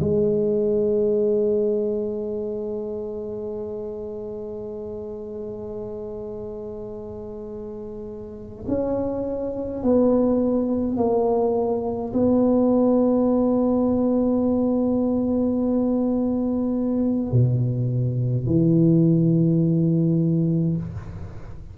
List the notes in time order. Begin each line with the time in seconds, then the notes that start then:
0.00 G#3
8.67 C#4
9.83 B3
10.97 A#3
12.13 B3
17.31 B2
18.46 E3